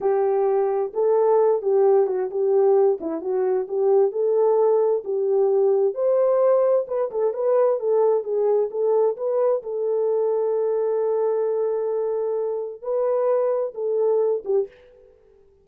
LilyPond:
\new Staff \with { instrumentName = "horn" } { \time 4/4 \tempo 4 = 131 g'2 a'4. g'8~ | g'8 fis'8 g'4. e'8 fis'4 | g'4 a'2 g'4~ | g'4 c''2 b'8 a'8 |
b'4 a'4 gis'4 a'4 | b'4 a'2.~ | a'1 | b'2 a'4. g'8 | }